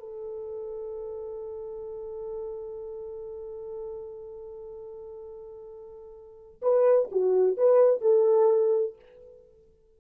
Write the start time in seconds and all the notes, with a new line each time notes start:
0.00 A4
6.62 B4
7.12 F#4
7.58 B4
8.02 A4